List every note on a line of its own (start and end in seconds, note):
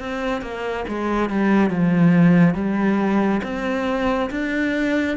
0.00 0.42 C4
0.42 0.85 A#3
0.88 1.30 G#3
1.30 1.70 G3
1.70 2.55 F3
2.55 3.42 G3
3.43 4.30 C4
4.30 5.17 D4